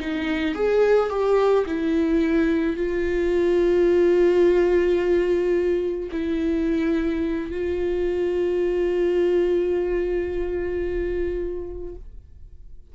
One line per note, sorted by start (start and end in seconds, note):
0.00 0.55 D#4
0.55 1.10 G#4
1.10 1.66 G4
1.67 2.77 E4
2.77 6.10 F4
6.12 7.51 E4
7.51 11.95 F4